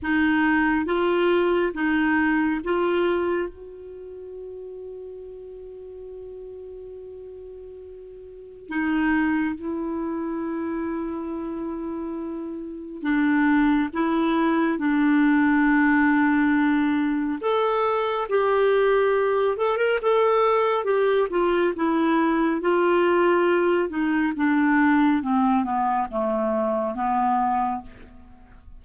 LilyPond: \new Staff \with { instrumentName = "clarinet" } { \time 4/4 \tempo 4 = 69 dis'4 f'4 dis'4 f'4 | fis'1~ | fis'2 dis'4 e'4~ | e'2. d'4 |
e'4 d'2. | a'4 g'4. a'16 ais'16 a'4 | g'8 f'8 e'4 f'4. dis'8 | d'4 c'8 b8 a4 b4 | }